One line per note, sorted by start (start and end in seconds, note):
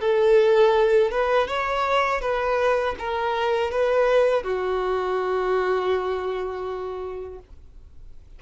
0.00 1.11 A4
1.11 1.47 B4
1.47 2.21 C#5
2.21 2.95 B4
2.99 3.71 A#4
3.71 4.43 B4
4.43 7.39 F#4